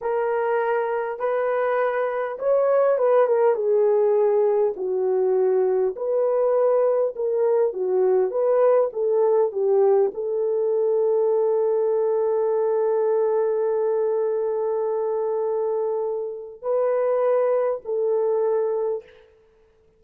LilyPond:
\new Staff \with { instrumentName = "horn" } { \time 4/4 \tempo 4 = 101 ais'2 b'2 | cis''4 b'8 ais'8 gis'2 | fis'2 b'2 | ais'4 fis'4 b'4 a'4 |
g'4 a'2.~ | a'1~ | a'1 | b'2 a'2 | }